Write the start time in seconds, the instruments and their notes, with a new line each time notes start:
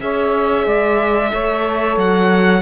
0.00 cello C#4, horn G#4, saxophone C#5, violin E5
0.66 cello G#3, saxophone D5
1.30 cello A3, horn A4, saxophone C#5
1.97 cello F#3, violin F#5